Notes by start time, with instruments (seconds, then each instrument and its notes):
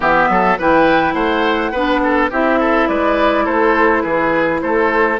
0.00 bassoon E3, clarinet B3, oboe G4, flute E5
0.28 bassoon F#3, oboe A4
0.58 bassoon E3, clarinet E4, oboe B4, flute G5
1.13 bassoon A3, oboe C5, flute F#5
1.71 bassoon B3, clarinet D4, oboe B4
2.03 oboe A4
2.30 bassoon C4, clarinet E4, oboe G4, flute E5
2.59 oboe A4
2.88 bassoon G#3, oboe B4, flute D5
3.44 bassoon A3, oboe A4, flute C5
4.01 bassoon E3, oboe G#4, flute B4
4.61 bassoon A3, oboe A4, flute C5